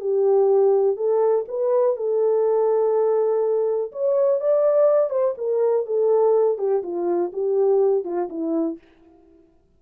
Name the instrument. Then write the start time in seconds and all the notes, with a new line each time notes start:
horn
0.00 G4
0.96 A4
1.48 B4
1.96 A4
3.92 C#5
4.41 D5
5.10 C5
5.37 A#4
5.86 A4
6.58 G4
6.83 F4
7.33 G4
8.04 F4
8.29 E4